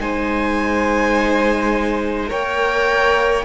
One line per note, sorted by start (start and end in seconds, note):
0.00 2.31 G#3
0.00 2.28 D#4
0.00 2.30 C5
0.00 2.31 G#5
2.28 3.46 A#3
2.28 3.43 A#4
2.28 3.45 C#5
2.28 3.46 G5